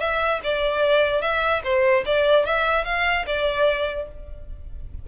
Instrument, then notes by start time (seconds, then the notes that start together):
violin
0.00 E5
0.44 D5
1.22 E5
1.64 C5
2.06 D5
2.46 E5
2.85 F5
3.27 D5